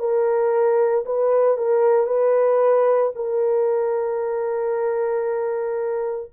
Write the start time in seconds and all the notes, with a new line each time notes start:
0.00 A#4
1.06 B4
1.58 A#4
2.07 B4
3.16 A#4